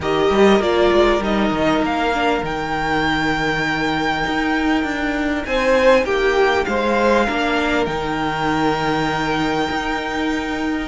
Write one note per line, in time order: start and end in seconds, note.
0.00 0.30 D#3
0.00 0.60 G4
0.00 5.46 A#4
0.00 0.62 D#5
0.30 0.59 G3
0.59 0.90 A#3
0.59 1.21 F4
0.59 1.22 D5
0.92 1.20 G#3
1.20 1.50 G3
1.20 2.12 D#4
1.20 1.84 D#5
1.50 1.81 D#3
1.81 2.41 A#3
1.81 2.44 F5
2.13 2.43 D4
2.42 4.24 D#3
2.42 7.27 D#4
2.42 5.44 G5
4.26 4.83 D#4
4.83 5.44 D4
5.44 6.04 C4
5.44 6.05 C5
5.44 6.05 G#5
6.04 6.65 A#3
6.04 6.65 G4
6.04 6.64 G5
6.64 7.28 G#3
6.64 7.26 C5
6.64 7.85 F5
7.26 7.86 A#3
7.26 7.87 D4
7.26 10.87 A#4
7.85 9.68 D#3
7.85 10.87 D#4
7.85 10.87 G5
9.70 10.87 D#4